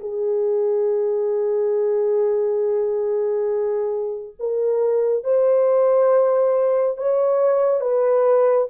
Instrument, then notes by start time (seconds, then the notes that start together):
horn
0.00 G#4
4.40 A#4
5.24 C5
6.98 C#5
7.81 B4